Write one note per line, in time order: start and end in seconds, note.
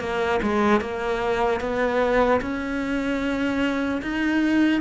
0.00 0.40 A#3
0.43 0.81 G#3
0.81 1.60 A#3
1.60 2.40 B3
2.41 4.01 C#4
4.02 4.81 D#4